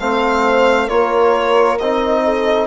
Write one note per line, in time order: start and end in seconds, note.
0.00 0.90 A3
0.00 0.89 C4
0.00 0.87 C5
0.00 0.89 F5
0.87 1.79 A#3
0.87 1.79 F4
0.87 2.21 A#4
0.87 1.79 C#5
1.79 2.67 C4
1.79 2.67 D#4
1.79 2.67 D#5
2.25 2.67 A4